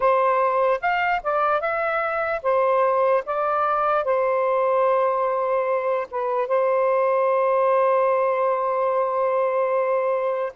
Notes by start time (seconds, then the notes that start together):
0.00 C5
0.81 F5
1.23 D5
1.60 E5
2.42 C5
3.25 D5
4.04 C5
6.10 B4
6.47 C5